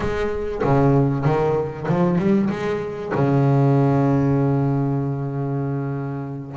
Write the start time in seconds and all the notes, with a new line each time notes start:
0.00 G#3
0.64 C#3
1.24 D#3
1.88 F3
2.18 G3
2.50 G#3
3.14 C#3